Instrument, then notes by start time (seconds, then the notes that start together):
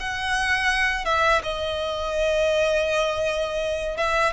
violin
0.00 F#5
1.05 E5
1.43 D#5
3.97 E5